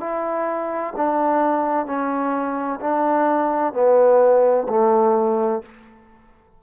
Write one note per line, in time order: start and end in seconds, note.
0.00 0.94 E4
0.96 1.86 D4
1.86 2.80 C#4
2.81 3.73 D4
3.73 4.67 B3
4.69 5.62 A3